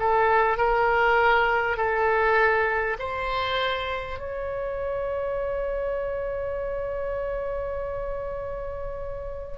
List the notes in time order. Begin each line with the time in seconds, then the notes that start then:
0.00 A4
0.58 A#4
1.77 A4
2.99 C5
4.19 C#5